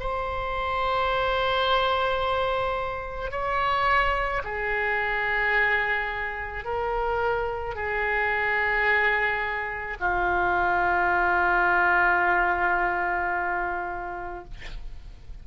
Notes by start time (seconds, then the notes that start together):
0.00 C5
3.32 C#5
4.44 G#4
6.65 A#4
7.76 G#4
10.00 F4